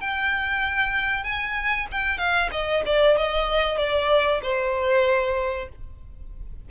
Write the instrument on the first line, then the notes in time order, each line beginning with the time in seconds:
violin
0.00 G5
1.23 G#5
1.91 G5
2.18 F5
2.51 D#5
2.85 D5
3.17 D#5
3.78 D5
4.42 C5